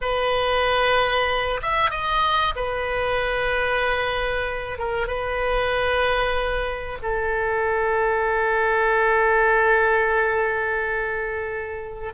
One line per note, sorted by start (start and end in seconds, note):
0.01 1.60 B4
1.62 1.90 E5
1.90 2.54 D#5
2.55 4.78 B4
4.78 5.07 A#4
5.07 6.98 B4
7.02 12.13 A4